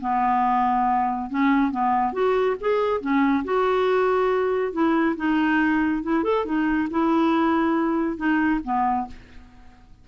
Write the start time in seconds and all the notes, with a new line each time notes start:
0.00 B3
1.29 C#4
1.71 B3
2.12 F#4
2.60 G#4
3.00 C#4
3.44 F#4
4.72 E4
5.16 D#4
6.02 E4
6.23 A4
6.45 D#4
6.90 E4
8.16 D#4
8.64 B3